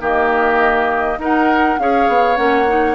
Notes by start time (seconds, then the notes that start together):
0.00 D#3 A#3 G4 D#5
1.18 D#4 A#4 F#5
1.79 C#4 G#4 C#5 F5
2.08 B3
2.36 A#3 C#4 F#5
2.68 D#4